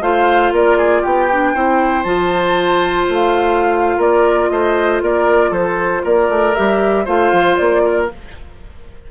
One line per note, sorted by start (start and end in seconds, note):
0.00 0.51 A3
0.00 1.30 F4
0.00 0.53 C5
0.00 0.53 F5
0.51 1.03 A#3
0.51 0.78 A#4
0.51 1.04 D5
0.78 1.02 G#4
1.02 1.54 B3
1.02 1.53 G4
1.02 2.03 G5
1.31 1.55 D4
1.54 2.04 C4
1.54 2.04 E4
1.54 3.97 C5
2.03 3.07 F3
2.03 6.53 F4
2.03 3.06 A5
3.09 3.98 A3
3.09 4.01 F5
3.97 4.49 A#3
3.97 4.48 A#4
3.97 4.49 D5
4.49 5.01 A3
4.49 5.02 C5
4.49 5.01 D#5
5.01 5.51 A#3
5.01 5.50 A#4
5.01 5.53 D5
5.50 6.02 F3
5.50 6.02 A4
5.50 6.04 C5
6.04 6.29 A#3
6.04 7.04 A#4
6.04 6.55 D5
6.29 6.54 A3
6.55 7.07 G3
6.55 7.06 G4
6.55 7.06 E5
7.04 7.32 A3
7.04 8.08 F4
7.04 7.81 C5
7.04 7.57 F5
7.32 7.58 F3
7.57 8.10 A#3
7.57 8.08 D5
7.85 8.10 A#4